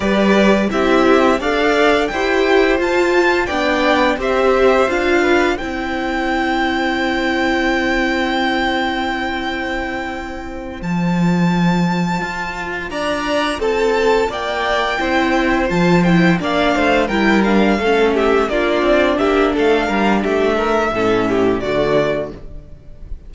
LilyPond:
<<
  \new Staff \with { instrumentName = "violin" } { \time 4/4 \tempo 4 = 86 d''4 e''4 f''4 g''4 | a''4 g''4 e''4 f''4 | g''1~ | g''2.~ g''8 a''8~ |
a''2~ a''8 ais''4 a''8~ | a''8 g''2 a''8 g''8 f''8~ | f''8 g''8 f''4 e''8 d''4 e''8 | f''4 e''2 d''4 | }
  \new Staff \with { instrumentName = "violin" } { \time 4/4 b'4 g'4 d''4 c''4~ | c''4 d''4 c''4. b'8 | c''1~ | c''1~ |
c''2~ c''8 d''4 a'8~ | a'8 d''4 c''2 d''8 | c''8 ais'4 a'8 g'8 f'4 g'8 | a'8 ais'8 g'8 ais'8 a'8 g'8 fis'4 | }
  \new Staff \with { instrumentName = "viola" } { \time 4/4 g'4 e'4 a'4 g'4 | f'4 d'4 g'4 f'4 | e'1~ | e'2.~ e'8 f'8~ |
f'1~ | f'4. e'4 f'8 e'8 d'8~ | d'8 e'8 d'8 cis'4 d'4.~ | d'2 cis'4 a4 | }
  \new Staff \with { instrumentName = "cello" } { \time 4/4 g4 c'4 d'4 e'4 | f'4 b4 c'4 d'4 | c'1~ | c'2.~ c'8 f8~ |
f4. f'4 d'4 c'8~ | c'8 ais4 c'4 f4 ais8 | a8 g4 a4 ais8 c'8 ais8 | a8 g8 a4 a,4 d4 | }
>>